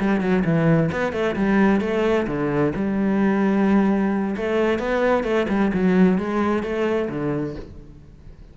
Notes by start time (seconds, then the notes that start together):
0.00 G3
0.21 F#3
0.45 E3
0.92 B3
1.13 A3
1.36 G3
1.81 A3
2.27 D3
2.76 G3
4.37 A3
4.79 B3
5.24 A3
5.49 G3
5.74 F#3
6.18 G#3
6.63 A3
7.10 D3